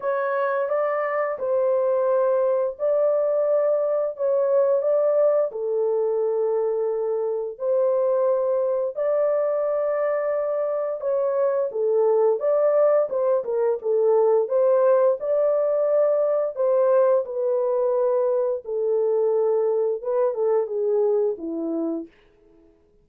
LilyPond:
\new Staff \with { instrumentName = "horn" } { \time 4/4 \tempo 4 = 87 cis''4 d''4 c''2 | d''2 cis''4 d''4 | a'2. c''4~ | c''4 d''2. |
cis''4 a'4 d''4 c''8 ais'8 | a'4 c''4 d''2 | c''4 b'2 a'4~ | a'4 b'8 a'8 gis'4 e'4 | }